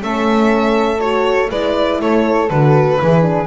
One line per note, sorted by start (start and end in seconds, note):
0.00 1.51 A3
0.00 0.99 C#4
0.00 1.50 A4
0.00 1.01 E5
1.00 1.50 F#4
1.00 1.50 C#5
1.50 2.01 G#3
1.50 2.50 E4
1.50 2.00 B4
1.50 2.01 D5
2.01 2.51 A3
2.01 3.01 A4
2.01 2.50 C#5
2.50 3.01 D3
2.50 3.00 F#4
2.50 3.47 B4
3.00 3.47 E3
3.00 3.22 E4
3.00 3.47 G#4
3.22 3.47 D4